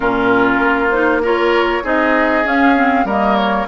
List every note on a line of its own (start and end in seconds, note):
0.00 0.59 A#2
0.00 0.91 C#4
0.00 1.22 F4
0.00 0.89 A#4
0.59 1.81 A#3
0.90 1.22 D#4
0.90 1.20 C5
1.22 1.83 F4
1.22 1.83 A#4
1.22 1.86 C#5
1.83 2.45 C4
1.83 2.44 D#4
1.83 3.05 G#4
1.83 2.47 D#5
2.45 3.04 C#4
2.45 2.75 C#4
2.45 3.08 F5
2.75 3.06 C4
3.04 3.65 G3
3.04 3.67 A#3
3.04 3.66 A#4
3.04 3.36 D#5
3.36 3.66 C#5